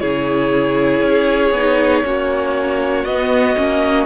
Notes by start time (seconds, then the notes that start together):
0.00 C#3 E4 G#4 C#5
1.01 C#4
1.51 B3 D#4
2.04 A#3 C#4 F#4
3.04 B3 D#5
3.56 A#3 C#4